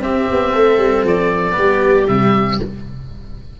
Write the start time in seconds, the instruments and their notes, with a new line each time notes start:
0.00 tuba C4, cello C4, viola G4, oboe E5
0.31 tuba B3
0.53 tuba A3, viola A4
0.78 tuba G3
1.04 tuba F3, oboe D5
1.52 tuba G3, cello B3, viola G4
2.08 tuba C3, cello G3, oboe E5